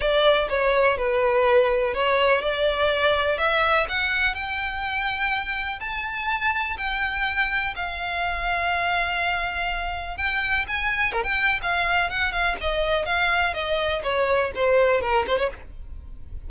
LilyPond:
\new Staff \with { instrumentName = "violin" } { \time 4/4 \tempo 4 = 124 d''4 cis''4 b'2 | cis''4 d''2 e''4 | fis''4 g''2. | a''2 g''2 |
f''1~ | f''4 g''4 gis''4 ais'16 g''8. | f''4 fis''8 f''8 dis''4 f''4 | dis''4 cis''4 c''4 ais'8 c''16 cis''16 | }